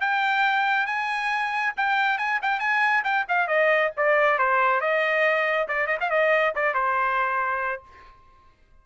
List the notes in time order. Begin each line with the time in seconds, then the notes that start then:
0.00 G5
0.86 G#5
1.76 G5
2.18 G#5
2.42 G5
2.59 G#5
3.04 G5
3.28 F5
3.47 D#5
3.96 D5
4.38 C5
4.80 D#5
5.68 D5
5.87 D#5
6.00 F5
6.10 D#5
6.55 D5
6.74 C5